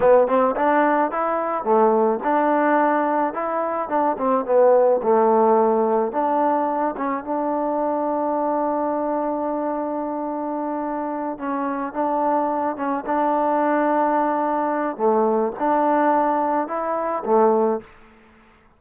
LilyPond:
\new Staff \with { instrumentName = "trombone" } { \time 4/4 \tempo 4 = 108 b8 c'8 d'4 e'4 a4 | d'2 e'4 d'8 c'8 | b4 a2 d'4~ | d'8 cis'8 d'2.~ |
d'1~ | d'8 cis'4 d'4. cis'8 d'8~ | d'2. a4 | d'2 e'4 a4 | }